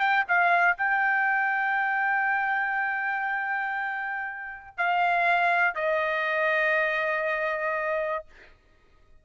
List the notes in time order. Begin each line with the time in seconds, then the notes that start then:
0.00 G5
0.28 F5
0.78 G5
4.78 F5
5.75 D#5